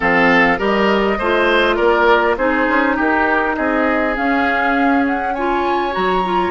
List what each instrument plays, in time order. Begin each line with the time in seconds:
0.00 bassoon F3, clarinet C4, oboe A4, flute F5
0.58 bassoon G3, clarinet G4, oboe A#4, flute D#5
1.18 bassoon A3, clarinet F4, oboe C5
1.76 bassoon A#3, oboe A#4, flute D5
2.37 bassoon C4, clarinet D#4, oboe G#4, flute C5
2.68 bassoon C#4
2.96 bassoon D#4, oboe G4, flute A#4
3.55 bassoon C4, oboe G#4, flute D#5
4.14 clarinet C#4, bassoon C#4, flute F5
5.06 flute F#5
5.34 clarinet F4, oboe C#5, flute G#5
5.91 bassoon F#3, clarinet F#4, flute A#5
6.24 clarinet F4